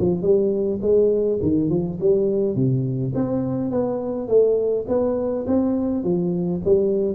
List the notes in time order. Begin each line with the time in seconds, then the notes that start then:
0.00 F3
0.22 G3
0.82 G#3
1.42 D#3
1.70 F3
2.01 G3
2.56 C3
3.15 C4
3.71 B3
4.28 A3
4.88 B3
5.47 C4
6.04 F3
6.65 G3